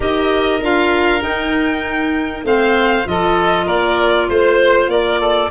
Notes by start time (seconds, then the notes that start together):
0.00 D#4 G4 A#4 D#5
0.61 D4 F4 F5
1.20 D#4 G5
2.43 A3 C4 C5 F5
3.04 F3 F4 A4 D#5
3.66 A#3 A#4 D5
4.29 A3 C5
4.87 A#3 A#4 D5
5.20 A4